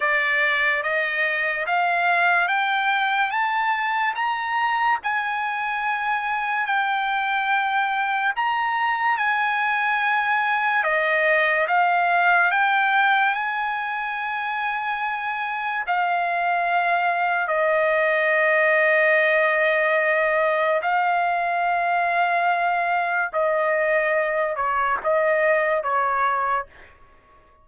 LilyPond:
\new Staff \with { instrumentName = "trumpet" } { \time 4/4 \tempo 4 = 72 d''4 dis''4 f''4 g''4 | a''4 ais''4 gis''2 | g''2 ais''4 gis''4~ | gis''4 dis''4 f''4 g''4 |
gis''2. f''4~ | f''4 dis''2.~ | dis''4 f''2. | dis''4. cis''8 dis''4 cis''4 | }